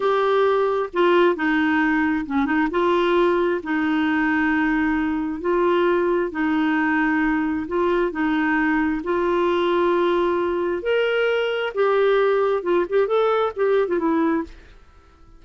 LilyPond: \new Staff \with { instrumentName = "clarinet" } { \time 4/4 \tempo 4 = 133 g'2 f'4 dis'4~ | dis'4 cis'8 dis'8 f'2 | dis'1 | f'2 dis'2~ |
dis'4 f'4 dis'2 | f'1 | ais'2 g'2 | f'8 g'8 a'4 g'8. f'16 e'4 | }